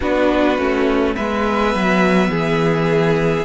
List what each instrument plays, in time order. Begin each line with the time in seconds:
0.00 cello B3, viola D4, violin F#4 B4
0.57 cello A3, viola C#4
1.14 cello G#3, viola B3, violin B4 E5
1.75 cello F#3
2.28 cello E3, violin G#4